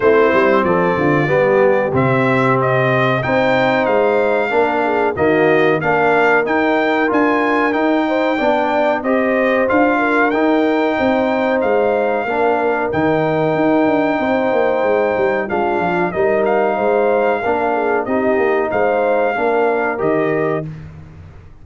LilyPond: <<
  \new Staff \with { instrumentName = "trumpet" } { \time 4/4 \tempo 4 = 93 c''4 d''2 e''4 | dis''4 g''4 f''2 | dis''4 f''4 g''4 gis''4 | g''2 dis''4 f''4 |
g''2 f''2 | g''1 | f''4 dis''8 f''2~ f''8 | dis''4 f''2 dis''4 | }
  \new Staff \with { instrumentName = "horn" } { \time 4/4 e'4 a'8 f'8 g'2~ | g'4 c''2 ais'8 gis'8 | fis'4 ais'2.~ | ais'8 c''8 d''4 c''4. ais'8~ |
ais'4 c''2 ais'4~ | ais'2 c''2 | f'4 ais'4 c''4 ais'8 gis'8 | g'4 c''4 ais'2 | }
  \new Staff \with { instrumentName = "trombone" } { \time 4/4 c'2 b4 c'4~ | c'4 dis'2 d'4 | ais4 d'4 dis'4 f'4 | dis'4 d'4 g'4 f'4 |
dis'2. d'4 | dis'1 | d'4 dis'2 d'4 | dis'2 d'4 g'4 | }
  \new Staff \with { instrumentName = "tuba" } { \time 4/4 a8 g8 f8 d8 g4 c4~ | c4 c'4 gis4 ais4 | dis4 ais4 dis'4 d'4 | dis'4 b4 c'4 d'4 |
dis'4 c'4 gis4 ais4 | dis4 dis'8 d'8 c'8 ais8 gis8 g8 | gis8 f8 g4 gis4 ais4 | c'8 ais8 gis4 ais4 dis4 | }
>>